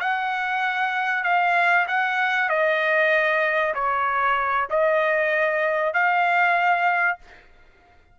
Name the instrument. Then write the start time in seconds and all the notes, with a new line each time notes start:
trumpet
0.00 F#5
1.24 F5
1.88 F#5
2.49 D#5
3.75 C#5
4.70 D#5
5.93 F5